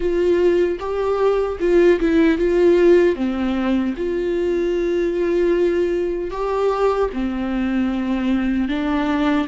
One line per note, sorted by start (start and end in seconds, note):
0.00 0.78 F4
0.79 1.58 G4
1.60 1.99 F4
2.00 2.38 E4
2.38 3.15 F4
3.15 3.94 C4
3.97 6.30 F4
6.30 7.09 G4
7.13 8.68 C4
8.68 9.47 D4